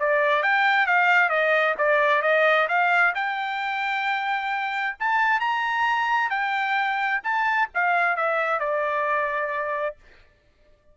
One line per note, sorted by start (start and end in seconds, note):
0.00 0.43 D5
0.43 0.87 G5
0.87 1.29 F5
1.29 1.75 D#5
1.78 2.22 D5
2.22 2.68 D#5
2.68 3.14 F5
3.15 4.97 G5
5.00 5.40 A5
5.40 6.30 A#5
6.30 7.21 G5
7.24 7.69 A5
7.74 8.17 F5
8.17 8.60 E5
8.60 9.96 D5